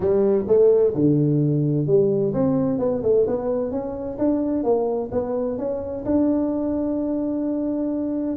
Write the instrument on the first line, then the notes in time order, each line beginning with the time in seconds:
tuba
0.00 G3
0.47 A3
0.94 D3
1.86 G3
2.33 C4
2.78 B3
3.02 A3
3.27 B3
3.71 C#4
4.18 D4
4.63 A#3
5.11 B3
5.58 C#4
6.05 D4